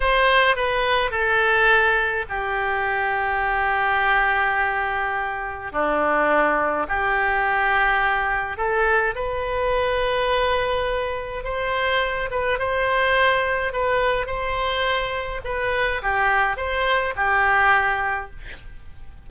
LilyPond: \new Staff \with { instrumentName = "oboe" } { \time 4/4 \tempo 4 = 105 c''4 b'4 a'2 | g'1~ | g'2 d'2 | g'2. a'4 |
b'1 | c''4. b'8 c''2 | b'4 c''2 b'4 | g'4 c''4 g'2 | }